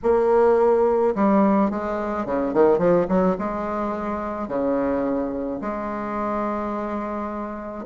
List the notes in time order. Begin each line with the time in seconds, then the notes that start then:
0.02 A#3
1.15 G3
1.70 G#3
2.25 C#3
2.53 D#3
2.78 F3
3.08 F#3
3.38 G#3
4.48 C#3
5.61 G#3